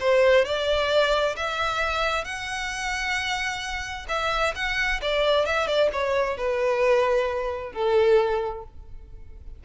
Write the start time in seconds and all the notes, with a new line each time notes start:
0.00 C5
0.45 D5
1.37 E5
2.25 F#5
4.08 E5
4.55 F#5
5.02 D5
5.46 E5
5.67 D5
5.92 C#5
6.37 B4
7.73 A4